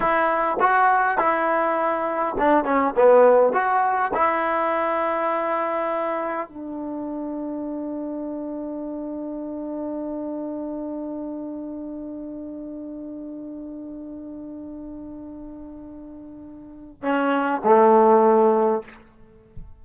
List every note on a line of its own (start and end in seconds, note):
0.00 0.57 E4
0.59 1.18 F#4
1.18 2.35 E4
2.38 2.64 D4
2.64 2.94 C#4
2.96 3.52 B3
3.52 4.11 F#4
4.13 6.48 E4
6.48 17.02 D4
17.02 17.61 C#4
17.64 18.81 A3